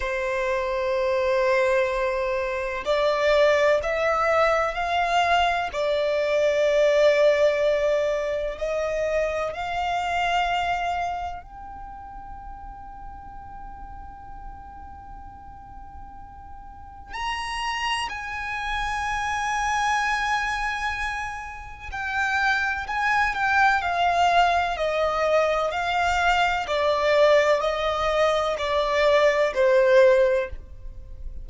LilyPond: \new Staff \with { instrumentName = "violin" } { \time 4/4 \tempo 4 = 63 c''2. d''4 | e''4 f''4 d''2~ | d''4 dis''4 f''2 | g''1~ |
g''2 ais''4 gis''4~ | gis''2. g''4 | gis''8 g''8 f''4 dis''4 f''4 | d''4 dis''4 d''4 c''4 | }